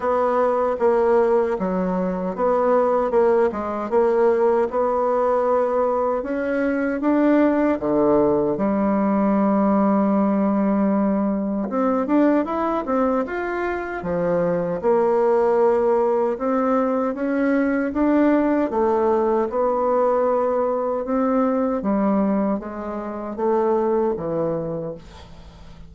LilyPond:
\new Staff \with { instrumentName = "bassoon" } { \time 4/4 \tempo 4 = 77 b4 ais4 fis4 b4 | ais8 gis8 ais4 b2 | cis'4 d'4 d4 g4~ | g2. c'8 d'8 |
e'8 c'8 f'4 f4 ais4~ | ais4 c'4 cis'4 d'4 | a4 b2 c'4 | g4 gis4 a4 e4 | }